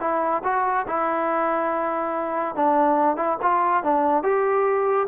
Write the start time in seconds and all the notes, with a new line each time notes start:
0.00 E4
0.43 F#4
0.87 E4
2.55 D4
3.16 E4
3.42 F4
3.83 D4
4.23 G4